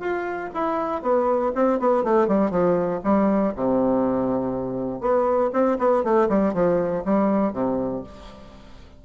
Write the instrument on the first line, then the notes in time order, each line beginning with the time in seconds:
bassoon
0.00 F4
0.54 E4
1.02 B3
1.55 C4
1.80 B3
2.04 A3
2.28 G3
2.51 F3
3.04 G3
3.55 C3
5.01 B3
5.53 C4
5.79 B3
6.04 A3
6.29 G3
6.54 F3
7.05 G3
7.53 C3